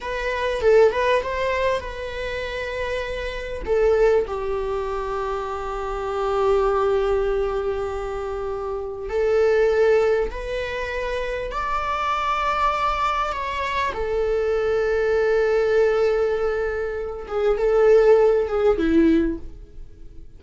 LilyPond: \new Staff \with { instrumentName = "viola" } { \time 4/4 \tempo 4 = 99 b'4 a'8 b'8 c''4 b'4~ | b'2 a'4 g'4~ | g'1~ | g'2. a'4~ |
a'4 b'2 d''4~ | d''2 cis''4 a'4~ | a'1~ | a'8 gis'8 a'4. gis'8 e'4 | }